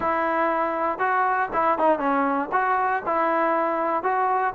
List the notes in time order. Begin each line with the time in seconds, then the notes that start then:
0.00 E4
0.99 F#4
1.53 E4
1.78 D#4
1.98 C#4
2.52 F#4
3.05 E4
4.03 F#4